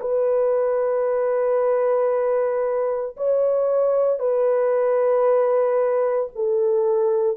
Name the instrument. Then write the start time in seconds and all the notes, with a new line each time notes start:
horn
0.00 B4
3.17 C#5
4.19 B4
6.35 A4